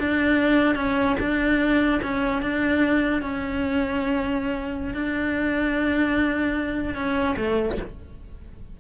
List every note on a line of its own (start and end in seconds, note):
0.00 0.76 D4
0.76 1.16 C#4
1.20 2.01 D4
2.03 2.42 C#4
2.42 3.22 D4
3.22 4.94 C#4
4.94 6.95 D4
6.95 7.36 C#4
7.37 7.78 A3